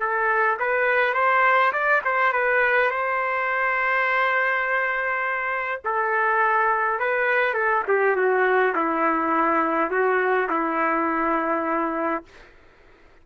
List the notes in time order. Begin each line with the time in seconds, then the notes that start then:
0.00 A4
0.59 B4
1.14 C5
1.73 D5
2.05 C5
2.33 B4
2.91 C5
5.85 A4
6.99 B4
7.54 A4
7.88 G4
8.16 F#4
8.75 E4
9.91 F#4
10.50 E4